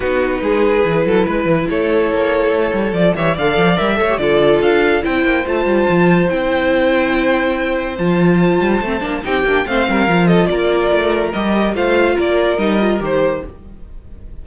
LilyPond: <<
  \new Staff \with { instrumentName = "violin" } { \time 4/4 \tempo 4 = 143 b'1 | cis''2. d''8 e''8 | f''4 e''4 d''4 f''4 | g''4 a''2 g''4~ |
g''2. a''4~ | a''2 g''4 f''4~ | f''8 dis''8 d''2 dis''4 | f''4 d''4 dis''4 c''4 | }
  \new Staff \with { instrumentName = "violin" } { \time 4/4 fis'4 gis'4. a'8 b'4 | a'2.~ a'8 cis''8 | d''4. cis''8 a'2 | c''1~ |
c''1~ | c''2 g'4 c''8 ais'8~ | ais'8 a'8 ais'2. | c''4 ais'2. | }
  \new Staff \with { instrumentName = "viola" } { \time 4/4 dis'2 e'2~ | e'2. f'8 g'8 | a'4 ais'8 a'16 g'16 f'2 | e'4 f'2 e'4~ |
e'2. f'4~ | f'4 c'8 d'8 dis'8 d'8 c'4 | f'2. g'4 | f'2 dis'8 f'8 g'4 | }
  \new Staff \with { instrumentName = "cello" } { \time 4/4 b4 gis4 e8 fis8 gis8 e8 | a4 ais4 a8 g8 f8 e8 | d8 f8 g8 a8 d4 d'4 | c'8 ais8 a8 g8 f4 c'4~ |
c'2. f4~ | f8 g8 a8 ais8 c'8 ais8 a8 g8 | f4 ais4 a4 g4 | a4 ais4 g4 dis4 | }
>>